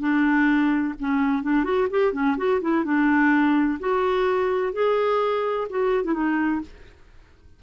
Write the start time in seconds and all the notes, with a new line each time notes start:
0.00 D4
1.00 C#4
1.43 D4
1.64 F#4
1.91 G4
2.13 C#4
2.37 F#4
2.61 E4
2.85 D4
3.80 F#4
4.73 G#4
5.70 F#4
6.05 E4
6.14 D#4